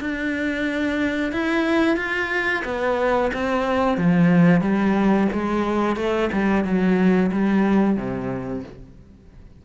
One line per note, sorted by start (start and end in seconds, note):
0.00 1.32 D4
1.32 1.96 E4
1.96 2.63 F4
2.65 3.31 B3
3.33 3.97 C4
3.97 4.61 F3
4.61 5.28 G3
5.32 5.96 G#3
5.96 6.29 A3
6.32 6.64 G3
6.64 7.31 F#3
7.32 7.96 G3
7.96 8.63 C3